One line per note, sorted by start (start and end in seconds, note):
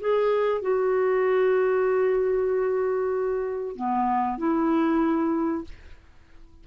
0.00 0.61 G#4
0.61 3.76 F#4
3.76 4.38 B3
4.38 5.64 E4